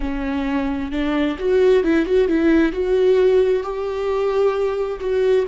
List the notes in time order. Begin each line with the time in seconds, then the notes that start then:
0.00 C#4
0.91 D4
1.38 F#4
1.83 E4
2.05 F#4
2.28 E4
2.72 F#4
3.63 G4
5.00 F#4